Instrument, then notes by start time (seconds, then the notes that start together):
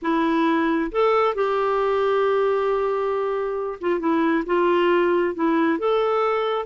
clarinet
0.02 E4
0.91 A4
1.34 G4
3.80 F4
3.99 E4
4.45 F4
5.34 E4
5.78 A4